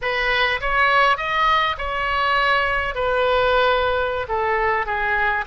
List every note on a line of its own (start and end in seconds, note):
0.01 0.60 B4
0.60 1.17 C#5
1.17 1.76 D#5
1.78 2.94 C#5
2.94 4.26 B4
4.28 4.85 A4
4.85 5.44 G#4